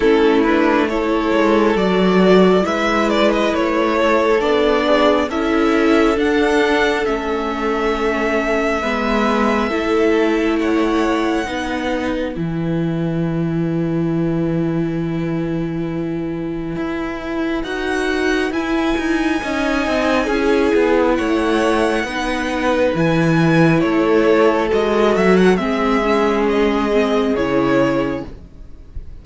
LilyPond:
<<
  \new Staff \with { instrumentName = "violin" } { \time 4/4 \tempo 4 = 68 a'8 b'8 cis''4 d''4 e''8 d''16 dis''16 | cis''4 d''4 e''4 fis''4 | e''1 | fis''2 gis''2~ |
gis''1 | fis''4 gis''2. | fis''2 gis''4 cis''4 | dis''8 e''16 fis''16 e''4 dis''4 cis''4 | }
  \new Staff \with { instrumentName = "violin" } { \time 4/4 e'4 a'2 b'4~ | b'8 a'4 gis'8 a'2~ | a'2 b'4 a'4 | cis''4 b'2.~ |
b'1~ | b'2 dis''4 gis'4 | cis''4 b'2 a'4~ | a'4 gis'2. | }
  \new Staff \with { instrumentName = "viola" } { \time 4/4 cis'8 d'8 e'4 fis'4 e'4~ | e'4 d'4 e'4 d'4 | cis'2 b4 e'4~ | e'4 dis'4 e'2~ |
e'1 | fis'4 e'4 dis'4 e'4~ | e'4 dis'4 e'2 | fis'4 c'8 cis'4 c'8 e'4 | }
  \new Staff \with { instrumentName = "cello" } { \time 4/4 a4. gis8 fis4 gis4 | a4 b4 cis'4 d'4 | a2 gis4 a4~ | a4 b4 e2~ |
e2. e'4 | dis'4 e'8 dis'8 cis'8 c'8 cis'8 b8 | a4 b4 e4 a4 | gis8 fis8 gis2 cis4 | }
>>